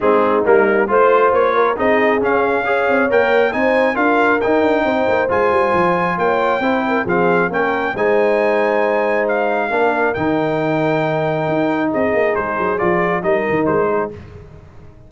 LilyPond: <<
  \new Staff \with { instrumentName = "trumpet" } { \time 4/4 \tempo 4 = 136 gis'4 ais'4 c''4 cis''4 | dis''4 f''2 g''4 | gis''4 f''4 g''2 | gis''2 g''2 |
f''4 g''4 gis''2~ | gis''4 f''2 g''4~ | g''2. dis''4 | c''4 d''4 dis''4 c''4 | }
  \new Staff \with { instrumentName = "horn" } { \time 4/4 dis'2 c''4. ais'8 | gis'2 cis''2 | c''4 ais'2 c''4~ | c''2 cis''4 c''8 ais'8 |
gis'4 ais'4 c''2~ | c''2 ais'2~ | ais'2. gis'4~ | gis'2 ais'4. gis'8 | }
  \new Staff \with { instrumentName = "trombone" } { \time 4/4 c'4 ais4 f'2 | dis'4 cis'4 gis'4 ais'4 | dis'4 f'4 dis'2 | f'2. e'4 |
c'4 cis'4 dis'2~ | dis'2 d'4 dis'4~ | dis'1~ | dis'4 f'4 dis'2 | }
  \new Staff \with { instrumentName = "tuba" } { \time 4/4 gis4 g4 a4 ais4 | c'4 cis'4. c'8 ais4 | c'4 d'4 dis'8 d'8 c'8 ais8 | gis8 g8 f4 ais4 c'4 |
f4 ais4 gis2~ | gis2 ais4 dis4~ | dis2 dis'4 c'8 ais8 | gis8 fis8 f4 g8 dis8 gis4 | }
>>